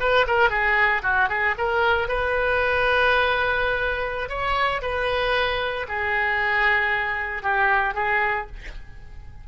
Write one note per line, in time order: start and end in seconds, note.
0.00 0.26 B4
0.27 0.50 A#4
0.50 1.02 G#4
1.03 1.29 F#4
1.29 1.55 G#4
1.58 2.08 A#4
2.08 4.29 B4
4.29 4.81 C#5
4.82 5.86 B4
5.88 7.43 G#4
7.43 7.94 G4
7.94 8.47 G#4